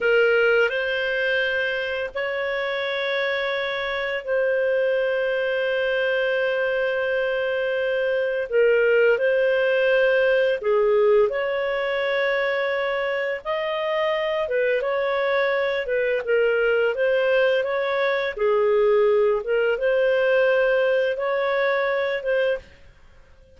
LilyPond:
\new Staff \with { instrumentName = "clarinet" } { \time 4/4 \tempo 4 = 85 ais'4 c''2 cis''4~ | cis''2 c''2~ | c''1 | ais'4 c''2 gis'4 |
cis''2. dis''4~ | dis''8 b'8 cis''4. b'8 ais'4 | c''4 cis''4 gis'4. ais'8 | c''2 cis''4. c''8 | }